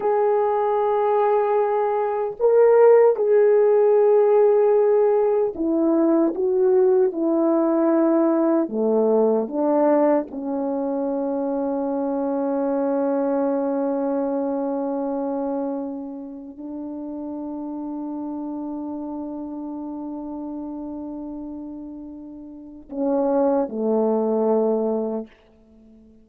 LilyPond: \new Staff \with { instrumentName = "horn" } { \time 4/4 \tempo 4 = 76 gis'2. ais'4 | gis'2. e'4 | fis'4 e'2 a4 | d'4 cis'2.~ |
cis'1~ | cis'4 d'2.~ | d'1~ | d'4 cis'4 a2 | }